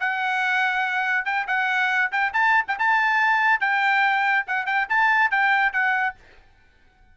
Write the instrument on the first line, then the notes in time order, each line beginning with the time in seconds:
trumpet
0.00 F#5
1.25 G5
1.47 F#5
2.11 G5
2.33 A5
2.68 G5
2.79 A5
3.61 G5
4.47 F#5
4.66 G5
4.89 A5
5.31 G5
5.73 F#5